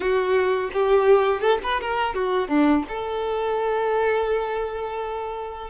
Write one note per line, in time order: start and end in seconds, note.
0.00 0.70 F#4
0.73 1.40 G4
1.40 1.58 A4
1.63 1.81 B4
1.81 2.14 A#4
2.14 2.48 F#4
2.48 2.83 D4
2.88 5.70 A4